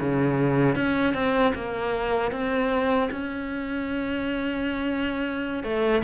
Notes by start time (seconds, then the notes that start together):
0.00 C#3
0.75 C#4
1.14 C4
1.55 A#3
2.32 C4
3.11 C#4
5.64 A3